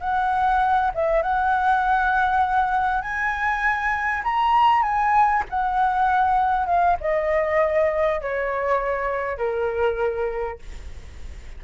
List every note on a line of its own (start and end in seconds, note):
0.00 0.91 F#5
0.94 1.22 E5
1.22 3.01 F#5
3.01 4.23 G#5
4.23 4.82 A#5
4.82 5.43 G#5
5.49 6.66 F#5
6.66 6.96 F5
7.00 8.21 D#5
8.21 9.37 C#5
9.37 10.58 A#4